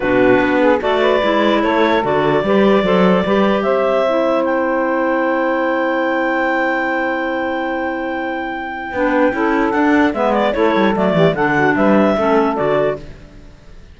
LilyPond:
<<
  \new Staff \with { instrumentName = "clarinet" } { \time 4/4 \tempo 4 = 148 b'2 d''2 | cis''4 d''2.~ | d''4 e''2 g''4~ | g''1~ |
g''1~ | g''1 | fis''4 e''8 d''8 cis''4 d''4 | fis''4 e''2 d''4 | }
  \new Staff \with { instrumentName = "saxophone" } { \time 4/4 fis'4. gis'8 a'8 b'4. | a'2 b'4 c''4 | b'4 c''2.~ | c''1~ |
c''1~ | c''2 b'4 a'4~ | a'4 b'4 a'4. g'8 | a'8 fis'8 b'4 a'2 | }
  \new Staff \with { instrumentName = "clarinet" } { \time 4/4 d'2 fis'4 e'4~ | e'4 fis'4 g'4 a'4 | g'2 e'2~ | e'1~ |
e'1~ | e'2 d'4 e'4 | d'4 b4 e'4 a4 | d'2 cis'4 fis'4 | }
  \new Staff \with { instrumentName = "cello" } { \time 4/4 b,4 b4 a4 gis4 | a4 d4 g4 fis4 | g4 c'2.~ | c'1~ |
c'1~ | c'2 b4 cis'4 | d'4 gis4 a8 g8 fis8 e8 | d4 g4 a4 d4 | }
>>